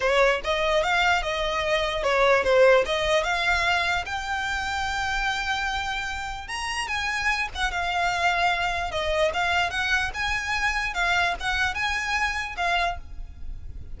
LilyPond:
\new Staff \with { instrumentName = "violin" } { \time 4/4 \tempo 4 = 148 cis''4 dis''4 f''4 dis''4~ | dis''4 cis''4 c''4 dis''4 | f''2 g''2~ | g''1 |
ais''4 gis''4. fis''8 f''4~ | f''2 dis''4 f''4 | fis''4 gis''2 f''4 | fis''4 gis''2 f''4 | }